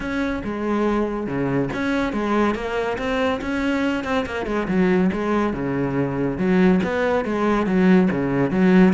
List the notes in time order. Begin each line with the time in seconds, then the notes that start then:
0.00 C#4
0.44 G#3
1.26 C#3
1.73 C#4
2.13 G#3
2.55 A#3
2.97 C4
3.41 C#4
4.03 C4
4.26 A#3
4.46 G#3
4.68 F#3
5.13 G#3
5.53 C#3
6.38 F#3
6.83 B3
7.24 G#3
7.66 F#3
8.11 C#3
8.50 F#3